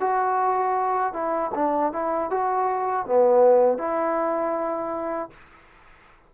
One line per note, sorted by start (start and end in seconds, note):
0.00 1.14 F#4
1.14 1.52 E4
1.55 1.93 D4
1.93 2.31 E4
2.31 3.06 F#4
3.06 3.78 B3
3.78 5.30 E4